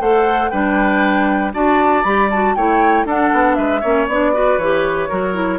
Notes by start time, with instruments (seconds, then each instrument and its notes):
0.00 bassoon A3, clarinet A4, oboe C5, flute F#5
0.50 bassoon G3, clarinet D4, oboe B4, flute G5
1.53 bassoon D4, clarinet F#4, oboe D5, flute A5
2.03 bassoon G3, clarinet G4, flute B5
2.30 clarinet F#4, flute A5
2.55 bassoon A3, clarinet E4, oboe C#5, flute G5
3.05 bassoon D4, clarinet D4, oboe A4, flute F#5
3.33 bassoon B3
3.55 bassoon G#3, oboe B4, flute E5
3.81 bassoon A#3, clarinet C#4, oboe C#5
4.08 bassoon B3, clarinet D4, flute D5
4.34 clarinet F#4, oboe B4
4.58 bassoon E3, clarinet G4, flute C#5
5.09 bassoon F#3, clarinet F#4, oboe A#4
5.34 clarinet E4